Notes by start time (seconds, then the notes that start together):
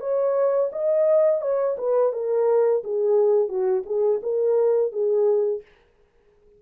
0.00 C#5
0.72 D#5
1.41 C#5
1.78 B4
2.12 A#4
2.84 G#4
3.49 F#4
3.85 G#4
4.22 A#4
4.92 G#4